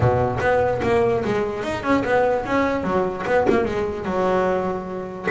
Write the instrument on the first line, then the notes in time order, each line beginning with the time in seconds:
double bass
0.00 B2
0.40 B3
0.82 A#3
1.24 G#3
1.63 D#4
1.83 C#4
2.04 B3
2.45 C#4
2.83 F#3
3.26 B3
3.49 A#3
3.65 G#3
4.05 F#3